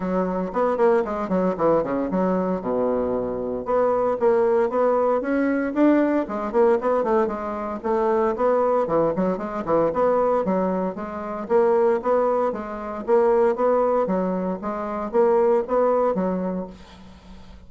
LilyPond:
\new Staff \with { instrumentName = "bassoon" } { \time 4/4 \tempo 4 = 115 fis4 b8 ais8 gis8 fis8 e8 cis8 | fis4 b,2 b4 | ais4 b4 cis'4 d'4 | gis8 ais8 b8 a8 gis4 a4 |
b4 e8 fis8 gis8 e8 b4 | fis4 gis4 ais4 b4 | gis4 ais4 b4 fis4 | gis4 ais4 b4 fis4 | }